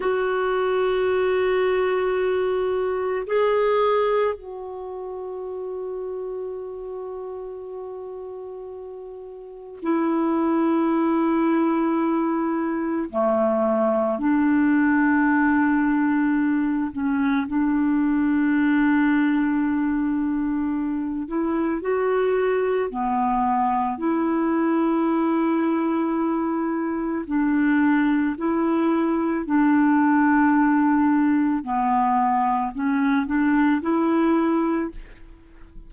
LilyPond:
\new Staff \with { instrumentName = "clarinet" } { \time 4/4 \tempo 4 = 55 fis'2. gis'4 | fis'1~ | fis'4 e'2. | a4 d'2~ d'8 cis'8 |
d'2.~ d'8 e'8 | fis'4 b4 e'2~ | e'4 d'4 e'4 d'4~ | d'4 b4 cis'8 d'8 e'4 | }